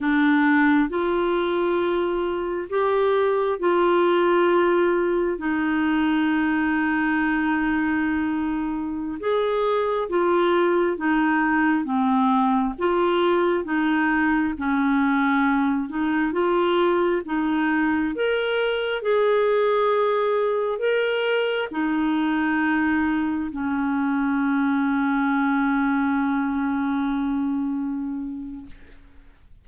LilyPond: \new Staff \with { instrumentName = "clarinet" } { \time 4/4 \tempo 4 = 67 d'4 f'2 g'4 | f'2 dis'2~ | dis'2~ dis'16 gis'4 f'8.~ | f'16 dis'4 c'4 f'4 dis'8.~ |
dis'16 cis'4. dis'8 f'4 dis'8.~ | dis'16 ais'4 gis'2 ais'8.~ | ais'16 dis'2 cis'4.~ cis'16~ | cis'1 | }